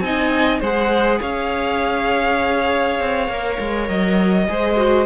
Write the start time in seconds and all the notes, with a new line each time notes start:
0.00 C4 D#4 D#5 G#5
0.60 G#3 G#4 C5 F#5
1.21 C#4 C#5 F5
3.00 C4
3.28 A#3 A#4
3.60 G#3
3.88 F#3 D#5
4.48 G#3 G#4 C5
4.76 F#4